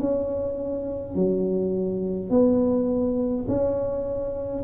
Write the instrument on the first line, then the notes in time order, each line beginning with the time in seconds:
tuba
0.00 C#4
1.15 F#3
2.30 B3
3.48 C#4